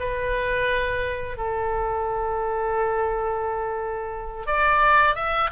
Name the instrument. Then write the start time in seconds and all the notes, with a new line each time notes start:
oboe
0.00 B4
1.38 A4
4.47 D5
5.16 E5